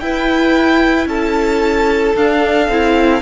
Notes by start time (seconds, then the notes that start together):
0.00 E4 B4 G5
1.06 C#4 A4 A5
2.16 D4 F5
2.69 C4 E4